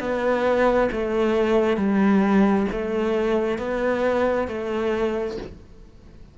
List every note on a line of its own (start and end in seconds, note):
0.00 0.90 B3
0.92 1.77 A3
1.77 2.67 G3
2.72 3.58 A3
3.58 4.48 B3
4.48 5.38 A3